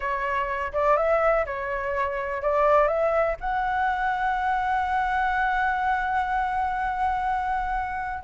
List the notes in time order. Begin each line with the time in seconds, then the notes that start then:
0.00 C#5
0.73 D5
0.96 E5
1.45 C#5
2.41 D5
2.87 E5
3.40 F#5